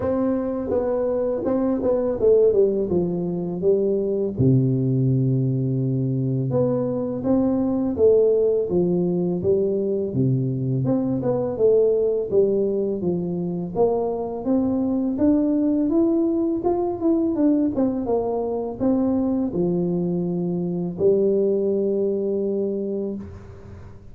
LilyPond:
\new Staff \with { instrumentName = "tuba" } { \time 4/4 \tempo 4 = 83 c'4 b4 c'8 b8 a8 g8 | f4 g4 c2~ | c4 b4 c'4 a4 | f4 g4 c4 c'8 b8 |
a4 g4 f4 ais4 | c'4 d'4 e'4 f'8 e'8 | d'8 c'8 ais4 c'4 f4~ | f4 g2. | }